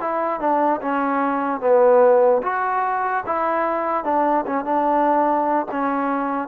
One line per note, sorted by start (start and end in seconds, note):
0.00 0.40 E4
0.40 0.81 D4
0.81 1.60 C#4
1.60 2.41 B3
2.43 3.24 F#4
3.26 4.04 E4
4.04 4.44 D4
4.46 4.64 C#4
4.64 5.66 D4
5.71 6.48 C#4